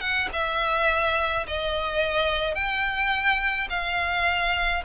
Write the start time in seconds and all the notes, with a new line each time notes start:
0.00 F#5
0.32 E5
1.47 D#5
2.55 G5
3.69 F5